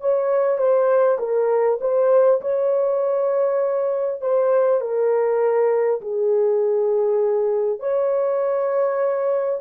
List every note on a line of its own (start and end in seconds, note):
0.00 0.58 C#5
0.58 1.18 C5
1.18 1.78 A#4
1.81 2.41 C5
2.41 4.21 C#5
4.21 4.80 C5
4.80 6.00 A#4
6.01 7.79 G#4
7.79 9.59 C#5